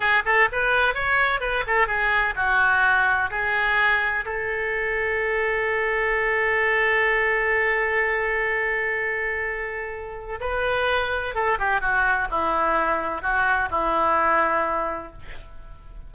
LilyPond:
\new Staff \with { instrumentName = "oboe" } { \time 4/4 \tempo 4 = 127 gis'8 a'8 b'4 cis''4 b'8 a'8 | gis'4 fis'2 gis'4~ | gis'4 a'2.~ | a'1~ |
a'1~ | a'2 b'2 | a'8 g'8 fis'4 e'2 | fis'4 e'2. | }